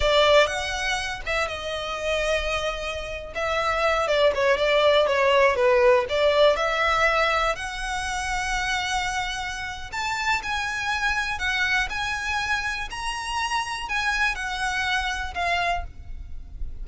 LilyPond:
\new Staff \with { instrumentName = "violin" } { \time 4/4 \tempo 4 = 121 d''4 fis''4. e''8 dis''4~ | dis''2~ dis''8. e''4~ e''16~ | e''16 d''8 cis''8 d''4 cis''4 b'8.~ | b'16 d''4 e''2 fis''8.~ |
fis''1 | a''4 gis''2 fis''4 | gis''2 ais''2 | gis''4 fis''2 f''4 | }